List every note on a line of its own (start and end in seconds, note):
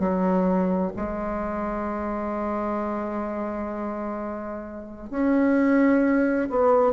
0.00 0.92 F#3
0.97 5.11 G#3
5.11 6.49 C#4
6.50 6.93 B3